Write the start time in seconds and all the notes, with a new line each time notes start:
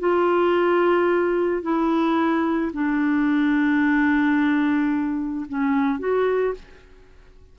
0.00 F4
1.63 E4
2.73 D4
5.49 C#4
6.00 F#4